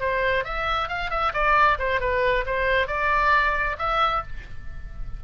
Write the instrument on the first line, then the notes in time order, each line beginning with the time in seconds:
oboe
0.00 C5
0.44 E5
0.88 F5
1.10 E5
1.33 D5
1.79 C5
2.00 B4
2.46 C5
2.87 D5
3.78 E5